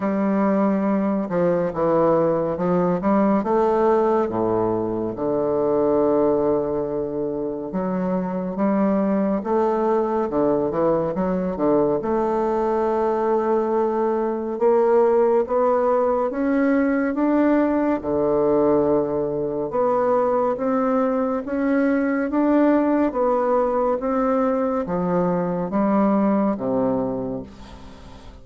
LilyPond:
\new Staff \with { instrumentName = "bassoon" } { \time 4/4 \tempo 4 = 70 g4. f8 e4 f8 g8 | a4 a,4 d2~ | d4 fis4 g4 a4 | d8 e8 fis8 d8 a2~ |
a4 ais4 b4 cis'4 | d'4 d2 b4 | c'4 cis'4 d'4 b4 | c'4 f4 g4 c4 | }